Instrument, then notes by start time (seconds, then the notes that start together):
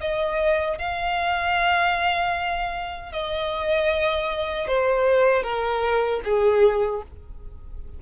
violin
0.00 D#5
0.78 F5
3.12 D#5
4.67 C5
5.43 A#4
6.24 G#4